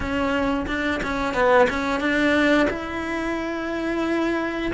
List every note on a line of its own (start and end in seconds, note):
0.00 0.66 C#4
0.67 1.01 D4
1.03 1.34 C#4
1.34 1.67 B3
1.69 2.00 C#4
2.00 2.67 D4
2.70 4.72 E4